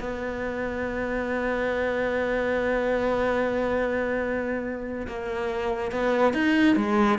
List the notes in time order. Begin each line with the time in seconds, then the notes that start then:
0.00 B3
5.07 A#3
5.92 B3
6.33 D#4
6.76 G#3